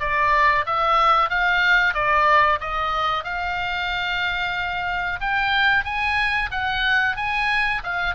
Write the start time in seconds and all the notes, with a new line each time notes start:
0.00 D5
0.66 E5
1.30 F5
1.94 D5
2.61 D#5
3.24 F5
5.21 G5
5.85 G#5
6.51 F#5
7.17 G#5
7.84 F5